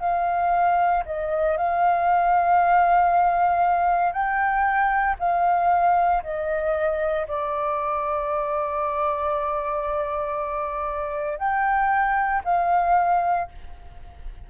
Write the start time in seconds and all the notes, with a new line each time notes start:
0.00 F5
1.06 D#5
1.57 F5
4.12 G5
5.19 F5
6.23 D#5
7.28 D5
11.38 G5
12.45 F5